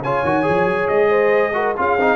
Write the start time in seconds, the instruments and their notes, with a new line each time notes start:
0.00 tuba C#3, trombone F4, horn C#5, trumpet G#5
0.23 tuba D#3, trombone F#4
0.43 tuba F3, trombone G#4
0.65 tuba F#3
0.88 tuba G#3, trumpet D#5
1.10 horn C5
1.54 trombone F#4, horn A#4
1.77 tuba C#4, trombone F4, horn G#4, trumpet F5
1.99 tuba C4, trombone D#4